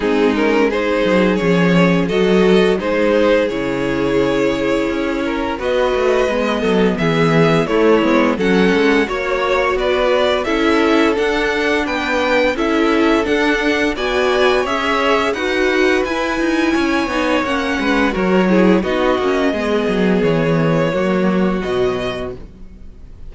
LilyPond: <<
  \new Staff \with { instrumentName = "violin" } { \time 4/4 \tempo 4 = 86 gis'8 ais'8 c''4 cis''4 dis''4 | c''4 cis''2. | dis''2 e''4 cis''4 | fis''4 cis''4 d''4 e''4 |
fis''4 g''4 e''4 fis''4 | gis''4 e''4 fis''4 gis''4~ | gis''4 fis''4 cis''4 dis''4~ | dis''4 cis''2 dis''4 | }
  \new Staff \with { instrumentName = "violin" } { \time 4/4 dis'4 gis'2 a'4 | gis'2.~ gis'8 ais'8 | b'4. a'8 gis'4 e'4 | a'4 cis''4 b'4 a'4~ |
a'4 b'4 a'2 | d''4 cis''4 b'2 | cis''4. b'8 ais'8 gis'8 fis'4 | gis'2 fis'2 | }
  \new Staff \with { instrumentName = "viola" } { \time 4/4 c'8 cis'8 dis'4 cis'4 fis'4 | dis'4 e'2. | fis'4 b2 a8 b8 | cis'4 fis'2 e'4 |
d'2 e'4 d'4 | fis'4 gis'4 fis'4 e'4~ | e'8 dis'8 cis'4 fis'8 e'8 dis'8 cis'8 | b2 ais4 fis4 | }
  \new Staff \with { instrumentName = "cello" } { \time 4/4 gis4. fis8 f4 fis4 | gis4 cis2 cis'4 | b8 a8 gis8 fis8 e4 a8 gis8 | fis8 gis8 ais4 b4 cis'4 |
d'4 b4 cis'4 d'4 | b4 cis'4 dis'4 e'8 dis'8 | cis'8 b8 ais8 gis8 fis4 b8 ais8 | gis8 fis8 e4 fis4 b,4 | }
>>